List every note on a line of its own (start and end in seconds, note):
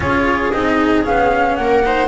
0.00 0.51 C#4
0.00 0.53 F4
0.00 1.59 G#4
0.00 0.51 C#5
0.51 1.06 C4
0.51 1.04 D#4
0.51 1.03 D#5
1.04 1.58 B3
1.04 1.83 C#4
1.04 1.55 F5
1.55 2.07 A#3
1.55 1.85 A#4
1.55 2.07 F#5
1.84 2.07 D#4
1.84 2.07 C5